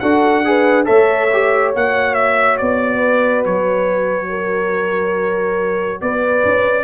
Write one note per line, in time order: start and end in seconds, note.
0.00 0.88 D4
0.00 0.45 F#4
0.00 0.45 A4
0.00 0.86 F#5
0.45 0.85 G#4
0.45 0.87 B4
0.85 1.76 A3
0.85 1.28 A4
0.85 2.97 C#5
0.85 1.72 E5
1.33 1.76 G4
1.76 2.61 A#3
1.76 6.84 F#4
1.76 2.14 F#5
2.14 2.57 E5
2.58 3.46 B3
2.58 3.44 D5
2.97 4.26 B4
3.46 6.02 F#3
3.46 6.01 C#5
4.30 6.01 A#4
6.01 6.45 B3
6.01 6.84 B4
6.01 6.84 D5
6.45 6.84 C#4